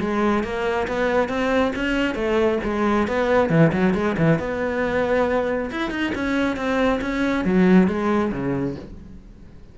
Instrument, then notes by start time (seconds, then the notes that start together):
cello
0.00 G#3
0.43 A#3
0.88 B3
1.29 C4
1.75 C#4
2.14 A3
2.64 G#3
3.08 B3
3.49 E3
3.72 F#3
3.94 G#3
4.17 E3
4.39 B3
5.71 E4
5.90 D#4
6.15 C#4
6.56 C4
7.01 C#4
7.45 F#3
7.88 G#3
8.32 C#3